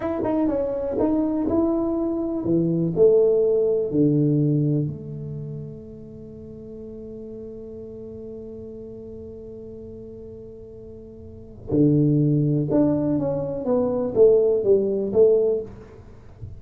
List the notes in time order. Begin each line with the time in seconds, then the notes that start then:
0.00 E4
0.24 D#4
0.48 C#4
0.99 D#4
1.48 E4
2.44 E3
2.95 A3
3.90 D3
4.87 A3
11.71 D3
12.70 D4
13.18 C#4
13.65 B3
14.14 A3
14.63 G3
15.12 A3